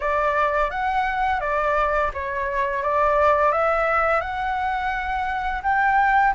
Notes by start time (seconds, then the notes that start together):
0.00 D5
0.70 F#5
1.40 D5
2.13 C#5
2.82 D5
3.52 E5
4.21 F#5
5.62 G5